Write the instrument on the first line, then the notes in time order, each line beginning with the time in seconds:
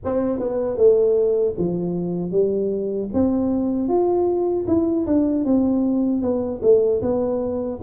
tuba
0.04 C4
0.39 B3
0.77 A3
1.58 F3
2.31 G3
3.13 C4
3.88 F4
4.67 E4
5.06 D4
5.44 C4
6.22 B3
6.62 A3
7.01 B3